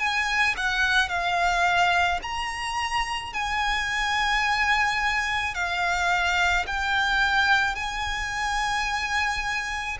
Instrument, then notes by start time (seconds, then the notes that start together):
violin
0.00 G#5
0.57 F#5
1.09 F5
2.23 A#5
3.34 G#5
5.55 F5
6.67 G5
7.76 G#5